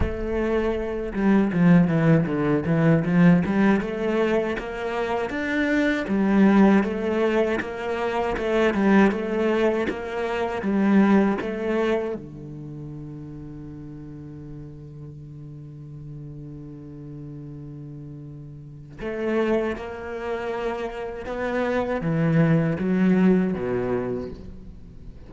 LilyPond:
\new Staff \with { instrumentName = "cello" } { \time 4/4 \tempo 4 = 79 a4. g8 f8 e8 d8 e8 | f8 g8 a4 ais4 d'4 | g4 a4 ais4 a8 g8 | a4 ais4 g4 a4 |
d1~ | d1~ | d4 a4 ais2 | b4 e4 fis4 b,4 | }